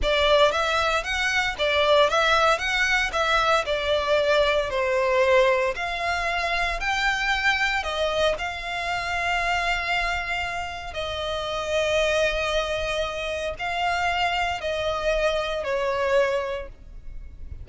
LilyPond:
\new Staff \with { instrumentName = "violin" } { \time 4/4 \tempo 4 = 115 d''4 e''4 fis''4 d''4 | e''4 fis''4 e''4 d''4~ | d''4 c''2 f''4~ | f''4 g''2 dis''4 |
f''1~ | f''4 dis''2.~ | dis''2 f''2 | dis''2 cis''2 | }